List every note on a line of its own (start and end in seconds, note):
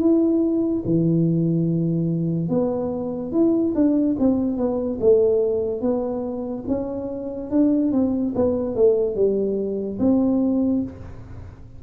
0.00 0.83 E4
0.85 2.49 E3
2.49 3.32 B3
3.32 3.74 E4
3.75 4.17 D4
4.19 4.57 C4
4.57 4.99 B3
5.01 5.81 A3
5.81 6.65 B3
6.68 7.50 C#4
7.50 7.92 D4
7.92 8.34 C4
8.35 8.75 B3
8.75 9.16 A3
9.16 9.99 G3
9.99 10.83 C4